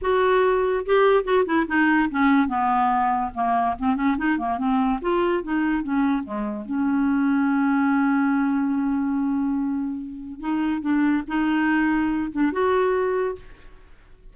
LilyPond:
\new Staff \with { instrumentName = "clarinet" } { \time 4/4 \tempo 4 = 144 fis'2 g'4 fis'8 e'8 | dis'4 cis'4 b2 | ais4 c'8 cis'8 dis'8 ais8 c'4 | f'4 dis'4 cis'4 gis4 |
cis'1~ | cis'1~ | cis'4 dis'4 d'4 dis'4~ | dis'4. d'8 fis'2 | }